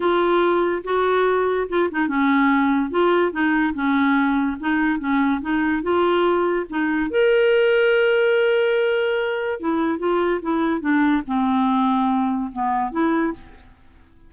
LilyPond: \new Staff \with { instrumentName = "clarinet" } { \time 4/4 \tempo 4 = 144 f'2 fis'2 | f'8 dis'8 cis'2 f'4 | dis'4 cis'2 dis'4 | cis'4 dis'4 f'2 |
dis'4 ais'2.~ | ais'2. e'4 | f'4 e'4 d'4 c'4~ | c'2 b4 e'4 | }